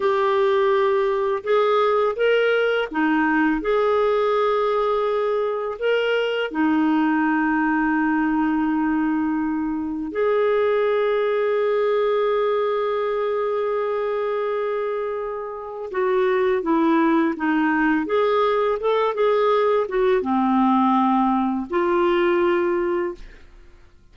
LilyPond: \new Staff \with { instrumentName = "clarinet" } { \time 4/4 \tempo 4 = 83 g'2 gis'4 ais'4 | dis'4 gis'2. | ais'4 dis'2.~ | dis'2 gis'2~ |
gis'1~ | gis'2 fis'4 e'4 | dis'4 gis'4 a'8 gis'4 fis'8 | c'2 f'2 | }